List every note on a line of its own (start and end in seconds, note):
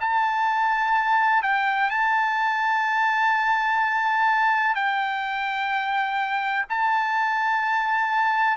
0.00 1.42 A5
1.42 1.90 G5
1.90 4.75 A5
4.75 6.65 G5
6.69 8.57 A5